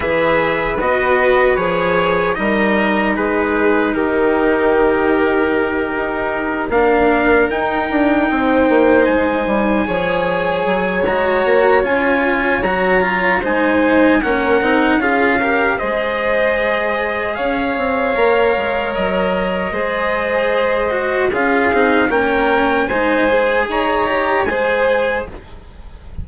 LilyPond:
<<
  \new Staff \with { instrumentName = "trumpet" } { \time 4/4 \tempo 4 = 76 e''4 dis''4 cis''4 dis''4 | b'4 ais'2.~ | ais'8 f''4 g''2 gis''8~ | gis''2 ais''4 gis''4 |
ais''4 gis''4 fis''4 f''4 | dis''2 f''2 | dis''2. f''4 | g''4 gis''4 ais''4 gis''4 | }
  \new Staff \with { instrumentName = "violin" } { \time 4/4 b'2. ais'4 | gis'4 g'2.~ | g'8 ais'2 c''4.~ | c''8 cis''2.~ cis''8~ |
cis''4 c''4 ais'4 gis'8 ais'8 | c''2 cis''2~ | cis''4 c''2 gis'4 | ais'4 c''4 cis''4 c''4 | }
  \new Staff \with { instrumentName = "cello" } { \time 4/4 gis'4 fis'4 gis'4 dis'4~ | dis'1~ | dis'8 d'4 dis'2~ dis'8~ | dis'8 gis'4. fis'4 f'4 |
fis'8 f'8 dis'4 cis'8 dis'8 f'8 g'8 | gis'2. ais'4~ | ais'4 gis'4. fis'8 f'8 dis'8 | cis'4 dis'8 gis'4 g'8 gis'4 | }
  \new Staff \with { instrumentName = "bassoon" } { \time 4/4 e4 b4 f4 g4 | gis4 dis2~ dis8 dis'8~ | dis'8 ais4 dis'8 d'8 c'8 ais8 gis8 | g8 f4 fis8 gis8 ais8 cis'4 |
fis4 gis4 ais8 c'8 cis'4 | gis2 cis'8 c'8 ais8 gis8 | fis4 gis2 cis'8 c'8 | ais4 gis4 dis'4 gis4 | }
>>